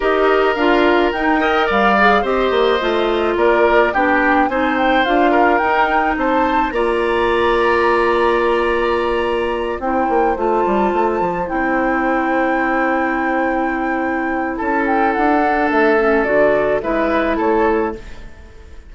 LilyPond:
<<
  \new Staff \with { instrumentName = "flute" } { \time 4/4 \tempo 4 = 107 dis''4 f''4 g''4 f''4 | dis''2 d''4 g''4 | gis''8 g''8 f''4 g''4 a''4 | ais''1~ |
ais''4. g''4 a''4.~ | a''8 g''2.~ g''8~ | g''2 a''8 g''8 fis''4 | e''4 d''4 e''4 cis''4 | }
  \new Staff \with { instrumentName = "oboe" } { \time 4/4 ais'2~ ais'8 dis''8 d''4 | c''2 ais'4 g'4 | c''4. ais'4. c''4 | d''1~ |
d''4. c''2~ c''8~ | c''1~ | c''2 a'2~ | a'2 b'4 a'4 | }
  \new Staff \with { instrumentName = "clarinet" } { \time 4/4 g'4 f'4 dis'8 ais'4 gis'8 | g'4 f'2 d'4 | dis'4 f'4 dis'2 | f'1~ |
f'4. e'4 f'4.~ | f'8 e'2.~ e'8~ | e'2.~ e'8 d'8~ | d'8 cis'8 fis'4 e'2 | }
  \new Staff \with { instrumentName = "bassoon" } { \time 4/4 dis'4 d'4 dis'4 g4 | c'8 ais8 a4 ais4 b4 | c'4 d'4 dis'4 c'4 | ais1~ |
ais4. c'8 ais8 a8 g8 a8 | f8 c'2.~ c'8~ | c'2 cis'4 d'4 | a4 d4 gis4 a4 | }
>>